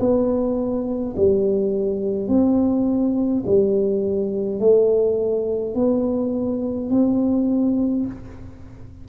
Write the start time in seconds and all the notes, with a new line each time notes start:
0.00 B3
1.17 G3
2.29 C4
3.46 G3
4.60 A3
5.75 B3
6.91 C4